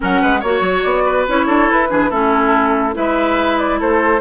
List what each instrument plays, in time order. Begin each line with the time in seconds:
0.00 bassoon F#3, clarinet C#4, oboe A#4, flute F#5
0.21 bassoon G#3, oboe B4
0.40 bassoon A#3, clarinet F#4, oboe C#5, flute C#5
0.61 bassoon F#3
0.83 bassoon B3, flute D5
1.05 oboe B4
1.28 bassoon C#4, clarinet E4, flute C#5
1.46 bassoon D4, oboe A4
1.71 bassoon E4, flute B4
1.89 bassoon E3, clarinet D4, oboe G#4
2.10 bassoon A3, clarinet C#4, oboe E4, flute A4
2.93 bassoon G#3, clarinet E4, oboe B4, flute E5
3.58 flute D5
3.79 bassoon A3, oboe A4, flute C5